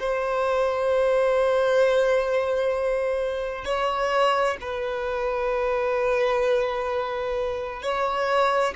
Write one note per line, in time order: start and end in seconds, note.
0.00 3.65 C5
3.65 4.57 C#5
4.61 7.83 B4
7.83 8.75 C#5